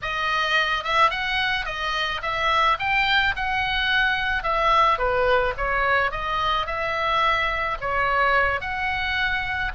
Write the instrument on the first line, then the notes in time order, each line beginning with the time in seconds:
oboe
0.02 D#5
0.83 E5
1.10 F#5
1.65 D#5
2.22 E5
2.79 G5
3.36 F#5
4.43 E5
4.98 B4
5.57 C#5
6.11 D#5
6.66 E5
7.80 C#5
8.60 F#5